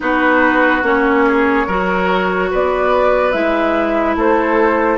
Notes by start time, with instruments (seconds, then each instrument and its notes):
0.00 bassoon B3, clarinet D#4, oboe F#4, flute B4
0.82 bassoon A#3, clarinet C#4, flute C#5
1.26 oboe G#4
1.66 bassoon F#3, clarinet F#4, oboe A#4
2.50 bassoon B3, oboe B4, flute D5
3.31 bassoon G#3, clarinet E4, flute E5
4.15 bassoon A3, oboe A4, flute C5